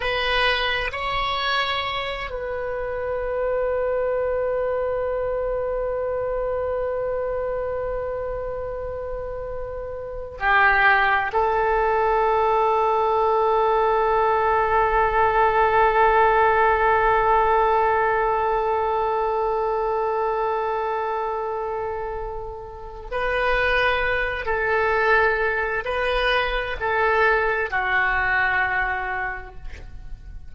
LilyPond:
\new Staff \with { instrumentName = "oboe" } { \time 4/4 \tempo 4 = 65 b'4 cis''4. b'4.~ | b'1~ | b'2.~ b'16 g'8.~ | g'16 a'2.~ a'8.~ |
a'1~ | a'1~ | a'4 b'4. a'4. | b'4 a'4 fis'2 | }